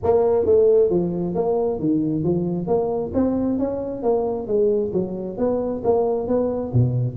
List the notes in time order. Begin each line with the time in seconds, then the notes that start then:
0.03 A#3
0.45 A3
0.90 F3
1.34 A#3
1.79 D#3
2.23 F3
2.67 A#3
3.13 C4
3.58 C#4
4.02 A#3
4.47 G#3
4.93 F#3
5.37 B3
5.84 A#3
6.27 B3
6.73 B2